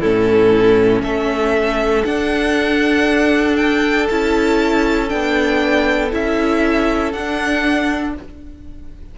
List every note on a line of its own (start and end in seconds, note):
0.00 1.02 A2
0.00 2.05 C#4
0.00 1.02 E4
0.00 1.02 A4
1.02 2.04 A3
1.02 8.15 A4
1.02 2.05 E5
2.05 4.08 D4
2.05 4.09 D4
2.05 3.56 F#5
3.56 4.07 G5
4.09 5.12 C#4
4.09 5.09 E4
4.09 5.09 A5
5.09 6.13 B3
5.09 6.10 D4
5.09 6.11 G5
6.11 7.13 C#4
6.11 7.12 E4
6.11 7.13 E5
7.13 8.15 D4
7.13 8.18 D4
7.13 8.14 F#5